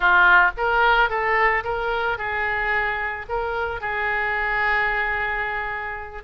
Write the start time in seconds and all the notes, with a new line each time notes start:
0.00 F4
0.57 A#4
1.09 A4
1.64 A#4
2.17 G#4
3.28 A#4
3.80 G#4